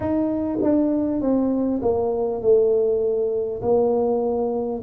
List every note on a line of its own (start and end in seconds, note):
0.00 0.58 D#4
0.62 1.21 D4
1.21 1.81 C4
1.82 2.41 A#3
2.41 3.61 A3
3.62 4.82 A#3